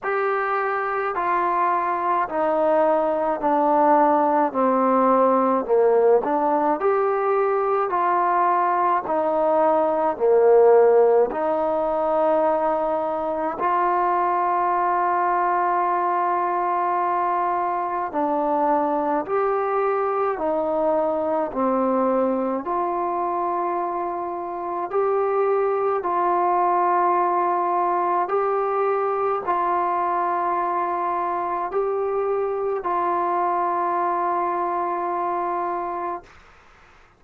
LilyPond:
\new Staff \with { instrumentName = "trombone" } { \time 4/4 \tempo 4 = 53 g'4 f'4 dis'4 d'4 | c'4 ais8 d'8 g'4 f'4 | dis'4 ais4 dis'2 | f'1 |
d'4 g'4 dis'4 c'4 | f'2 g'4 f'4~ | f'4 g'4 f'2 | g'4 f'2. | }